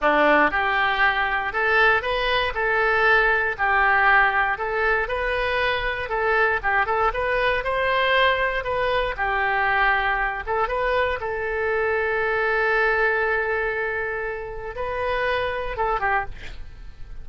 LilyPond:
\new Staff \with { instrumentName = "oboe" } { \time 4/4 \tempo 4 = 118 d'4 g'2 a'4 | b'4 a'2 g'4~ | g'4 a'4 b'2 | a'4 g'8 a'8 b'4 c''4~ |
c''4 b'4 g'2~ | g'8 a'8 b'4 a'2~ | a'1~ | a'4 b'2 a'8 g'8 | }